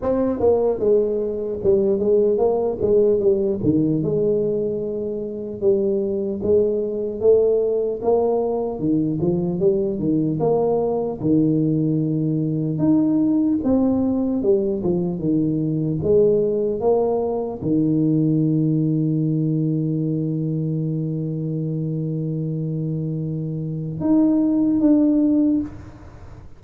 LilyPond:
\new Staff \with { instrumentName = "tuba" } { \time 4/4 \tempo 4 = 75 c'8 ais8 gis4 g8 gis8 ais8 gis8 | g8 dis8 gis2 g4 | gis4 a4 ais4 dis8 f8 | g8 dis8 ais4 dis2 |
dis'4 c'4 g8 f8 dis4 | gis4 ais4 dis2~ | dis1~ | dis2 dis'4 d'4 | }